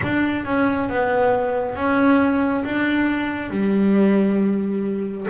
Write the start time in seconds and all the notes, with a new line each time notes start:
0.02 D4
0.45 C#4
0.89 B3
1.75 C#4
2.64 D4
3.50 G3